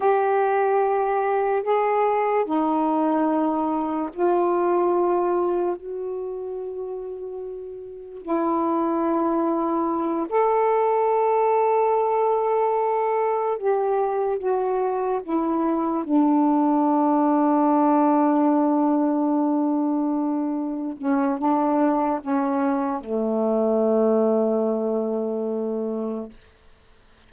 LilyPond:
\new Staff \with { instrumentName = "saxophone" } { \time 4/4 \tempo 4 = 73 g'2 gis'4 dis'4~ | dis'4 f'2 fis'4~ | fis'2 e'2~ | e'8 a'2.~ a'8~ |
a'8 g'4 fis'4 e'4 d'8~ | d'1~ | d'4. cis'8 d'4 cis'4 | a1 | }